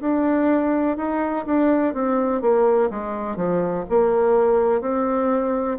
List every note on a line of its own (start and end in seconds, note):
0.00 0.97 D4
0.97 1.45 D#4
1.46 1.94 D4
1.94 2.41 C4
2.41 2.90 A#3
2.90 3.36 G#3
3.36 3.84 F3
3.89 4.81 A#3
4.81 5.78 C4